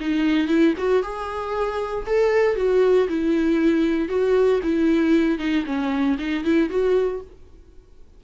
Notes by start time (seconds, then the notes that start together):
0.00 D#4
0.48 E4
0.78 F#4
1.03 G#4
2.06 A4
2.56 F#4
3.08 E4
4.08 F#4
4.63 E4
5.39 D#4
5.66 C#4
6.19 D#4
6.44 E4
6.69 F#4